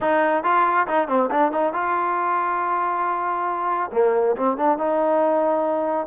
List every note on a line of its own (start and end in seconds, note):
0.00 0.43 D#4
0.43 0.87 F4
0.87 1.08 D#4
1.08 1.29 C4
1.30 1.52 D4
1.52 1.73 D#4
1.73 3.90 F4
3.92 4.35 A#3
4.36 4.57 C4
4.57 4.78 D4
4.78 6.06 D#4